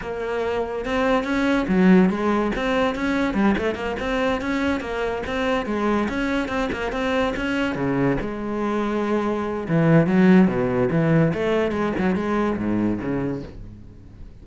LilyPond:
\new Staff \with { instrumentName = "cello" } { \time 4/4 \tempo 4 = 143 ais2 c'4 cis'4 | fis4 gis4 c'4 cis'4 | g8 a8 ais8 c'4 cis'4 ais8~ | ais8 c'4 gis4 cis'4 c'8 |
ais8 c'4 cis'4 cis4 gis8~ | gis2. e4 | fis4 b,4 e4 a4 | gis8 fis8 gis4 gis,4 cis4 | }